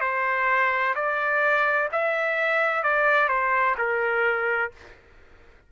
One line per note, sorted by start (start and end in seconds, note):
0.00 0.94 C5
0.95 1.88 D5
1.92 2.83 E5
2.83 3.28 D5
3.28 3.75 C5
3.78 4.71 A#4